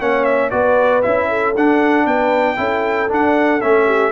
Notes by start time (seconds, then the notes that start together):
0.00 A#3 C#4 C#5 F#5
0.24 E5
0.51 B3 F#4 B4 D5
1.02 C#4 E4 E5
1.29 A4
1.57 D4 F#5
2.05 B3 B4 G5
2.57 C#4 E4 A4
3.09 D4 F#5
3.61 A3 C#4 E5
3.86 G4